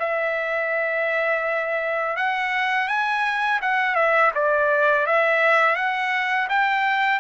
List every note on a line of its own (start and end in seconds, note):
0.00 2.17 E5
2.17 2.88 F#5
2.88 3.60 G#5
3.62 3.96 F#5
3.96 4.32 E5
4.35 5.07 D5
5.07 5.76 E5
5.76 6.48 F#5
6.50 7.20 G5